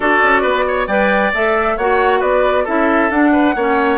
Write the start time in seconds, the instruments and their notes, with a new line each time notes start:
0.00 bassoon D4, clarinet F#4, oboe A4, flute D5
0.22 bassoon C#4
0.41 bassoon B3, oboe B4
0.67 oboe C#5
0.87 bassoon G3, clarinet B4, oboe D5, flute G5
1.34 bassoon A3, clarinet A4, flute E5
1.77 bassoon A#3, clarinet F#4, oboe C#5, flute F#5
2.19 bassoon B3, oboe B4, flute D5
2.64 bassoon C#4, clarinet E4, oboe A4, flute E5
3.10 bassoon D4, clarinet D4, flute F#5
3.32 oboe B4
3.55 bassoon A#3, clarinet C#4, oboe C#5